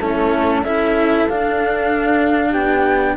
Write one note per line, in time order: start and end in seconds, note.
0.00 0.63 A3
0.00 0.66 C#4
0.00 0.63 E4
0.00 0.64 A4
0.63 1.26 C#4
0.63 1.30 E4
0.63 2.51 A4
0.63 1.27 E5
1.29 2.54 D4
1.29 3.17 D4
1.29 2.53 F5
2.51 3.17 B3
2.51 3.14 G4
2.51 3.16 G5